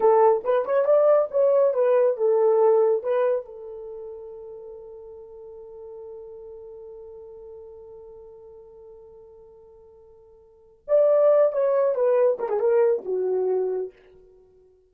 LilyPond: \new Staff \with { instrumentName = "horn" } { \time 4/4 \tempo 4 = 138 a'4 b'8 cis''8 d''4 cis''4 | b'4 a'2 b'4 | a'1~ | a'1~ |
a'1~ | a'1~ | a'4 d''4. cis''4 b'8~ | b'8 ais'16 gis'16 ais'4 fis'2 | }